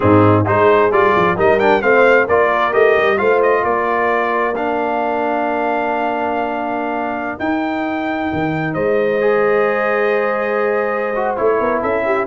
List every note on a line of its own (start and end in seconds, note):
0.00 0.47 G#2
0.00 0.45 C4
0.00 0.46 D#4
0.00 0.45 G#4
0.46 0.91 G#3
0.46 0.91 D#4
0.46 1.36 G#4
0.46 0.92 C5
0.91 1.14 G3
0.91 1.36 F4
0.91 1.37 D5
1.16 1.38 F3
1.36 1.82 G3
1.36 1.59 D#4
1.36 1.82 A#4
1.36 1.59 D#5
1.59 1.82 D4
1.59 1.81 G5
1.81 2.28 A3
1.81 2.27 C4
1.81 2.27 C5
1.81 2.27 F5
2.27 2.74 A#3
2.27 2.71 F4
2.27 3.18 A#4
2.27 2.73 D5
2.71 2.96 A3
2.71 3.17 G4
2.71 3.17 D#5
2.97 3.20 G3
3.17 3.63 A3
3.17 4.53 F4
3.17 3.63 C5
3.17 3.40 F5
3.42 3.64 D#5
3.63 7.38 A#3
3.63 8.73 A#4
3.63 4.55 D5
4.55 7.39 D4
4.55 7.39 F5
7.39 8.30 D#4
7.39 9.21 D#4
7.39 8.74 G5
8.32 8.75 D#3
8.73 11.36 G#3
8.73 11.57 C5
8.73 11.35 D#5
9.21 11.14 G#4
11.15 11.36 F#4
11.36 11.60 A3
11.36 12.27 E4
11.36 11.81 C#5
11.60 11.82 B3
11.60 11.81 A#4
11.81 12.27 C#4
11.81 12.04 A4
11.81 12.27 E5
12.05 12.27 G4